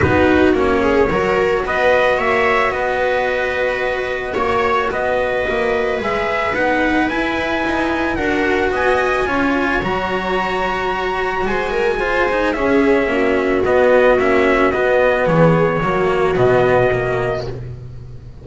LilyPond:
<<
  \new Staff \with { instrumentName = "trumpet" } { \time 4/4 \tempo 4 = 110 b'4 cis''2 dis''4 | e''4 dis''2. | cis''4 dis''2 e''4 | fis''4 gis''2 fis''4 |
gis''2 ais''2~ | ais''4 gis''2 e''4~ | e''4 dis''4 e''4 dis''4 | cis''2 dis''2 | }
  \new Staff \with { instrumentName = "viola" } { \time 4/4 fis'4. gis'8 ais'4 b'4 | cis''4 b'2. | cis''4 b'2.~ | b'2. ais'4 |
dis''4 cis''2.~ | cis''4 c''8 ais'8 c''4 gis'4 | fis'1 | gis'4 fis'2. | }
  \new Staff \with { instrumentName = "cello" } { \time 4/4 dis'4 cis'4 fis'2~ | fis'1~ | fis'2. gis'4 | dis'4 e'2 fis'4~ |
fis'4 f'4 fis'2~ | fis'2 f'8 dis'8 cis'4~ | cis'4 b4 cis'4 b4~ | b4 ais4 b4 ais4 | }
  \new Staff \with { instrumentName = "double bass" } { \time 4/4 b4 ais4 fis4 b4 | ais4 b2. | ais4 b4 ais4 gis4 | b4 e'4 dis'4 d'4 |
b4 cis'4 fis2~ | fis4 gis2 cis'4 | ais4 b4 ais4 b4 | e4 fis4 b,2 | }
>>